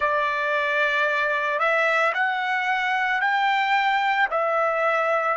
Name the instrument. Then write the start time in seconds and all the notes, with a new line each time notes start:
trumpet
0.00 D5
1.59 E5
2.14 F#5
3.21 G5
4.30 E5